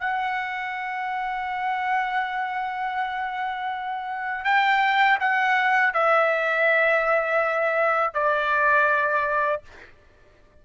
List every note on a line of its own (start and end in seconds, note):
0.00 4.44 F#5
4.44 5.19 G5
5.20 5.94 F#5
5.94 8.14 E5
8.14 9.62 D5